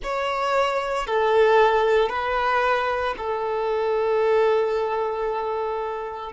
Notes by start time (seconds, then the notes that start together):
0.02 C#5
1.06 A4
2.09 B4
3.17 A4